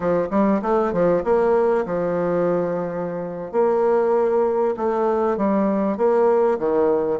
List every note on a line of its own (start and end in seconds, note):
0.00 0.28 F3
0.30 0.61 G3
0.62 0.92 A3
0.92 1.23 F3
1.24 1.85 A#3
1.85 3.52 F3
3.52 4.74 A#3
4.76 5.37 A3
5.37 5.97 G3
5.97 6.58 A#3
6.58 7.19 D#3